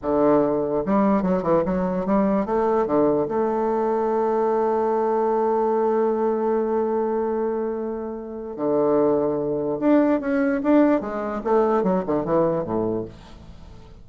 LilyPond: \new Staff \with { instrumentName = "bassoon" } { \time 4/4 \tempo 4 = 147 d2 g4 fis8 e8 | fis4 g4 a4 d4 | a1~ | a1~ |
a1~ | a4 d2. | d'4 cis'4 d'4 gis4 | a4 fis8 d8 e4 a,4 | }